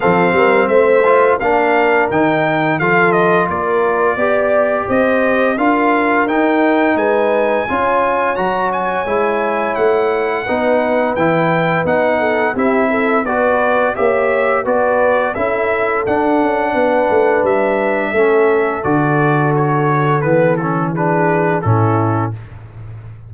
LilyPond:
<<
  \new Staff \with { instrumentName = "trumpet" } { \time 4/4 \tempo 4 = 86 f''4 e''4 f''4 g''4 | f''8 dis''8 d''2 dis''4 | f''4 g''4 gis''2 | ais''8 gis''4. fis''2 |
g''4 fis''4 e''4 d''4 | e''4 d''4 e''4 fis''4~ | fis''4 e''2 d''4 | cis''4 b'8 a'8 b'4 a'4 | }
  \new Staff \with { instrumentName = "horn" } { \time 4/4 a'8 ais'8 c''4 ais'2 | a'4 ais'4 d''4 c''4 | ais'2 b'4 cis''4~ | cis''2. b'4~ |
b'4. a'8 g'8 a'8 b'4 | cis''4 b'4 a'2 | b'2 a'2~ | a'2 gis'4 e'4 | }
  \new Staff \with { instrumentName = "trombone" } { \time 4/4 c'4. f'8 d'4 dis'4 | f'2 g'2 | f'4 dis'2 f'4 | fis'4 e'2 dis'4 |
e'4 dis'4 e'4 fis'4 | g'4 fis'4 e'4 d'4~ | d'2 cis'4 fis'4~ | fis'4 b8 cis'8 d'4 cis'4 | }
  \new Staff \with { instrumentName = "tuba" } { \time 4/4 f8 g8 a4 ais4 dis4 | f4 ais4 b4 c'4 | d'4 dis'4 gis4 cis'4 | fis4 gis4 a4 b4 |
e4 b4 c'4 b4 | ais4 b4 cis'4 d'8 cis'8 | b8 a8 g4 a4 d4~ | d4 e2 a,4 | }
>>